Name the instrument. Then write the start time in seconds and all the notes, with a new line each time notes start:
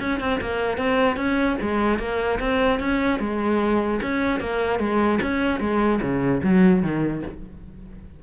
cello
0.00 C#4
0.20 C4
0.41 A#3
0.78 C4
1.17 C#4
1.61 G#3
1.99 A#3
2.40 C4
2.80 C#4
3.20 G#3
4.02 C#4
4.40 A#3
4.79 G#3
5.22 C#4
5.60 G#3
6.02 C#3
6.44 F#3
6.82 D#3